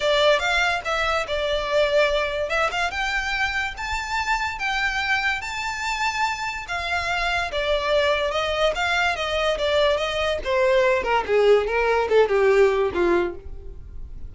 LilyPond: \new Staff \with { instrumentName = "violin" } { \time 4/4 \tempo 4 = 144 d''4 f''4 e''4 d''4~ | d''2 e''8 f''8 g''4~ | g''4 a''2 g''4~ | g''4 a''2. |
f''2 d''2 | dis''4 f''4 dis''4 d''4 | dis''4 c''4. ais'8 gis'4 | ais'4 a'8 g'4. f'4 | }